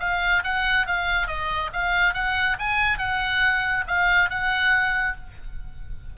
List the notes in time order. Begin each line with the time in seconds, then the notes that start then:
0.00 F5
0.44 F#5
0.87 F5
1.28 D#5
1.73 F5
2.14 F#5
2.59 G#5
2.98 F#5
3.88 F5
4.30 F#5